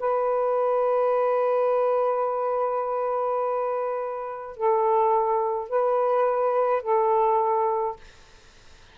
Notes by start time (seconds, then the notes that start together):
0.00 B4
4.57 A4
5.70 B4
6.83 A4